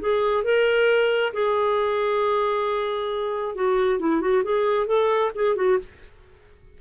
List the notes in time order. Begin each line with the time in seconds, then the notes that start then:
0.00 G#4
0.44 A#4
1.33 G#4
3.55 F#4
3.99 E4
4.21 F#4
4.44 G#4
4.87 A4
5.35 G#4
5.56 F#4